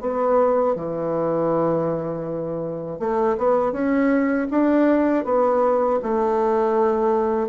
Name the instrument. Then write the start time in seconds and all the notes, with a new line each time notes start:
bassoon
0.00 B3
0.75 E3
2.99 A3
3.38 B3
3.72 C#4
4.50 D4
5.24 B3
6.02 A3